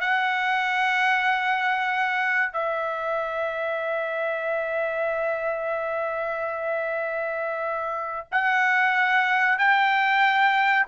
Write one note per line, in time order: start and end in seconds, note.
0.00 2.53 F#5
2.53 8.27 E5
8.31 9.58 F#5
9.58 10.86 G5